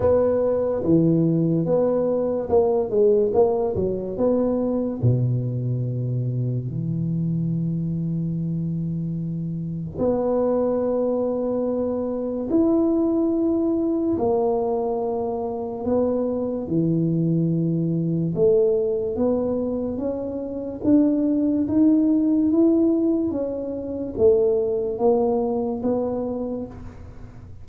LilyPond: \new Staff \with { instrumentName = "tuba" } { \time 4/4 \tempo 4 = 72 b4 e4 b4 ais8 gis8 | ais8 fis8 b4 b,2 | e1 | b2. e'4~ |
e'4 ais2 b4 | e2 a4 b4 | cis'4 d'4 dis'4 e'4 | cis'4 a4 ais4 b4 | }